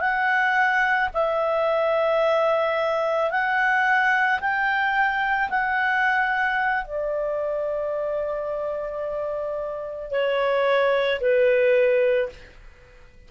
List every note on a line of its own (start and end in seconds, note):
0.00 1.09 F#5
1.14 3.31 E5
3.31 4.40 F#5
4.40 5.49 G5
5.49 6.84 F#5
6.84 10.11 D5
10.11 11.20 C#5
11.20 12.29 B4